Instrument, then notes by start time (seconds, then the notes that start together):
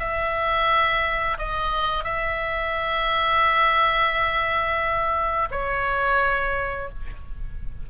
oboe
0.00 E5
1.39 D#5
2.04 E5
5.51 C#5